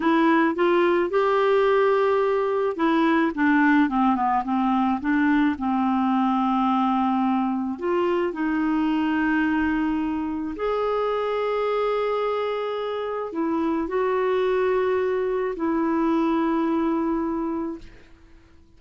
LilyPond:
\new Staff \with { instrumentName = "clarinet" } { \time 4/4 \tempo 4 = 108 e'4 f'4 g'2~ | g'4 e'4 d'4 c'8 b8 | c'4 d'4 c'2~ | c'2 f'4 dis'4~ |
dis'2. gis'4~ | gis'1 | e'4 fis'2. | e'1 | }